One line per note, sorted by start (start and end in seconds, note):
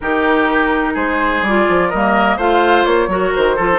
0.01 0.95 D#3
0.01 1.44 D#4
0.01 0.93 G4
0.01 0.96 A#4
0.93 1.42 G#3
0.93 1.88 G#4
0.93 1.43 C5
1.42 1.65 G3
1.42 1.93 F4
1.42 1.90 D5
1.68 1.92 F3
1.89 2.37 G3
1.89 2.39 A#3
1.89 2.37 A#4
1.89 2.37 D#5
2.37 2.84 A3
2.37 3.09 F4
2.37 3.08 C5
2.37 2.85 F5
2.85 3.07 A#3
2.85 3.32 C#5
3.07 3.31 F#3
3.07 3.56 F#4
3.07 3.56 A#4
3.35 3.58 D#3
3.35 3.79 C5
3.56 3.79 F3
3.56 3.71 F4
3.56 3.79 A4
3.73 3.79 D#4